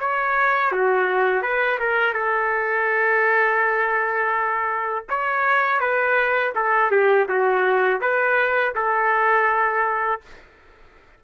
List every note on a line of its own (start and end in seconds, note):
0.00 0.72 C#5
0.72 1.42 F#4
1.42 1.79 B4
1.80 2.14 A#4
2.14 5.06 A4
5.10 5.80 C#5
5.80 6.54 B4
6.55 6.91 A4
6.91 7.28 G4
7.29 8.01 F#4
8.01 8.74 B4
8.75 10.21 A4